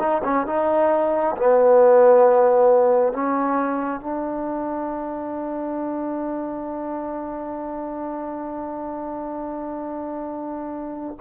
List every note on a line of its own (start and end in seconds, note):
0.00 0.22 D#4
0.24 0.46 C#4
0.46 1.36 D#4
1.37 3.13 B3
3.13 4.01 C#4
4.01 11.17 D4